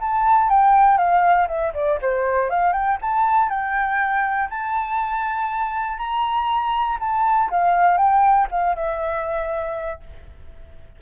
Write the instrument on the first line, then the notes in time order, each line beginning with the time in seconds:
flute
0.00 A5
0.50 G5
0.98 F5
1.48 E5
1.74 D5
2.02 C5
2.50 F5
2.73 G5
3.01 A5
3.50 G5
4.50 A5
5.98 A#5
7.00 A5
7.50 F5
7.97 G5
8.51 F5
8.76 E5